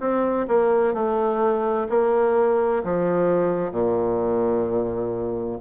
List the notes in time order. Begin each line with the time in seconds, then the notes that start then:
0.00 C4
0.48 A#3
0.94 A3
1.90 A#3
2.84 F3
3.72 A#2